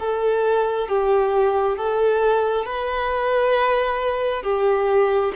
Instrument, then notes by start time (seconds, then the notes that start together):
violin
0.00 A4
0.88 G4
1.77 A4
2.66 B4
4.43 G4